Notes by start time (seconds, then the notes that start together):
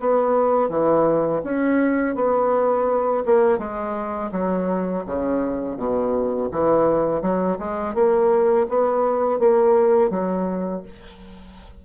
0.00 B3
0.70 E3
1.44 C#4
2.16 B3
3.26 A#3
3.59 G#3
4.32 F#3
5.06 C#3
5.77 B2
6.52 E3
7.22 F#3
7.59 G#3
7.95 A#3
8.69 B3
9.39 A#3
10.10 F#3